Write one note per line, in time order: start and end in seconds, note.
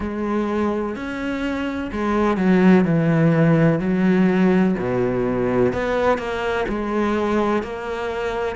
0.00 0.95 G#3
0.95 1.90 C#4
1.92 2.37 G#3
2.37 2.84 F#3
2.84 3.79 E3
3.79 4.74 F#3
4.78 5.72 B2
5.72 6.18 B3
6.18 6.65 A#3
6.68 7.62 G#3
7.62 8.56 A#3